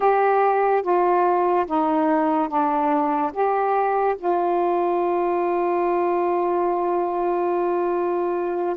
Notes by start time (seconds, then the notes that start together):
0.00 G4
0.82 F4
1.66 D#4
2.48 D4
3.33 G4
4.18 F4